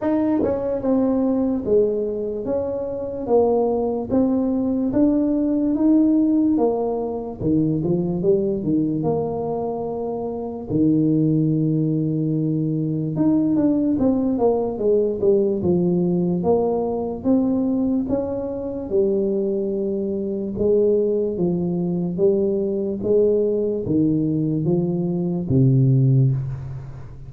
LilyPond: \new Staff \with { instrumentName = "tuba" } { \time 4/4 \tempo 4 = 73 dis'8 cis'8 c'4 gis4 cis'4 | ais4 c'4 d'4 dis'4 | ais4 dis8 f8 g8 dis8 ais4~ | ais4 dis2. |
dis'8 d'8 c'8 ais8 gis8 g8 f4 | ais4 c'4 cis'4 g4~ | g4 gis4 f4 g4 | gis4 dis4 f4 c4 | }